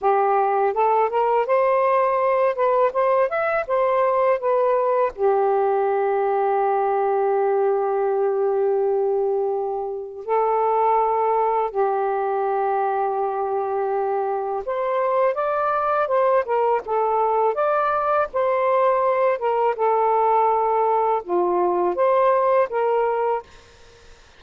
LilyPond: \new Staff \with { instrumentName = "saxophone" } { \time 4/4 \tempo 4 = 82 g'4 a'8 ais'8 c''4. b'8 | c''8 e''8 c''4 b'4 g'4~ | g'1~ | g'2 a'2 |
g'1 | c''4 d''4 c''8 ais'8 a'4 | d''4 c''4. ais'8 a'4~ | a'4 f'4 c''4 ais'4 | }